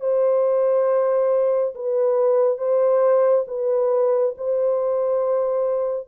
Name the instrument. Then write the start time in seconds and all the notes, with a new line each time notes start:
horn
0.00 C5
1.75 B4
2.58 C5
3.47 B4
4.37 C5